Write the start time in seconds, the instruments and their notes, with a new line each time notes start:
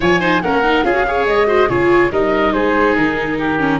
0.00 tuba F3, viola F4, oboe C#5, flute G#5
0.20 viola D#4, oboe C5
0.41 tuba A#3, viola C#4, oboe A#4, flute F#5
0.63 viola D#4
0.83 tuba C#4, viola F4, oboe G#4, flute F5
0.93 viola F#4
1.07 viola G#4, oboe C#5
1.26 tuba G#3, flute D#5
1.46 viola F#4, oboe C5
1.69 tuba C#3, viola F4, oboe G#4, flute C#5
2.11 tuba G3, viola D#4, oboe A#4, flute D#5
2.52 tuba G#3, oboe G#4, flute C5
2.95 tuba D#3, flute A#4
3.38 oboe G4
3.59 viola C#4